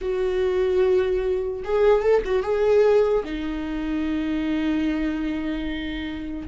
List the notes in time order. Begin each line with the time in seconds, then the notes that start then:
0.01 F#4
1.64 G#4
2.02 A4
2.25 F#4
2.42 G#4
3.24 D#4